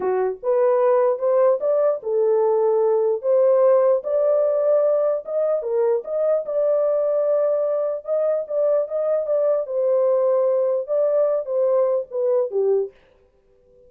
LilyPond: \new Staff \with { instrumentName = "horn" } { \time 4/4 \tempo 4 = 149 fis'4 b'2 c''4 | d''4 a'2. | c''2 d''2~ | d''4 dis''4 ais'4 dis''4 |
d''1 | dis''4 d''4 dis''4 d''4 | c''2. d''4~ | d''8 c''4. b'4 g'4 | }